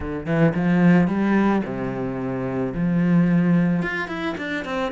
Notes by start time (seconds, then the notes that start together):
0.00 D3
0.26 E3
0.55 F3
1.07 G3
1.64 C3
2.74 F3
3.82 F4
4.08 E4
4.37 D4
4.64 C4